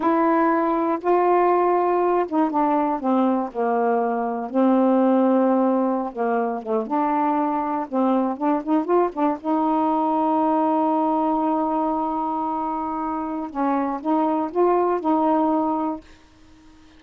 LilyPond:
\new Staff \with { instrumentName = "saxophone" } { \time 4/4 \tempo 4 = 120 e'2 f'2~ | f'8 dis'8 d'4 c'4 ais4~ | ais4 c'2.~ | c'16 ais4 a8 d'2 c'16~ |
c'8. d'8 dis'8 f'8 d'8 dis'4~ dis'16~ | dis'1~ | dis'2. cis'4 | dis'4 f'4 dis'2 | }